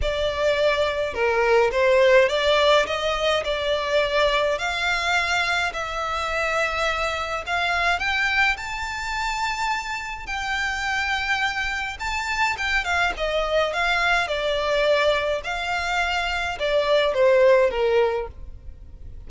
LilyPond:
\new Staff \with { instrumentName = "violin" } { \time 4/4 \tempo 4 = 105 d''2 ais'4 c''4 | d''4 dis''4 d''2 | f''2 e''2~ | e''4 f''4 g''4 a''4~ |
a''2 g''2~ | g''4 a''4 g''8 f''8 dis''4 | f''4 d''2 f''4~ | f''4 d''4 c''4 ais'4 | }